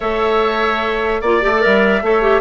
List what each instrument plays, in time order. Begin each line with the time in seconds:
0.00 bassoon A3, clarinet A4, oboe C#5, flute E5
1.21 bassoon A#3, clarinet F4, oboe D5, flute D5
1.41 bassoon A3, clarinet G4
1.55 clarinet A4 A#4
1.62 bassoon G3, flute E5
2.02 bassoon A3, clarinet A4, oboe C#5
2.21 clarinet G4